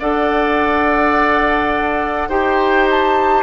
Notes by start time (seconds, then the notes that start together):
0.00 D4 A4 D5 F#5
2.29 D#4 G4 C5 G5
2.91 A5